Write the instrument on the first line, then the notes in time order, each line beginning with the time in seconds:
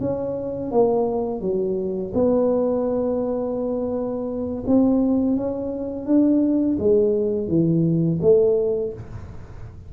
tuba
0.00 C#4
0.71 A#3
1.40 F#3
2.14 B3
4.67 C4
5.36 C#4
6.06 D4
6.79 G#3
7.48 E3
8.21 A3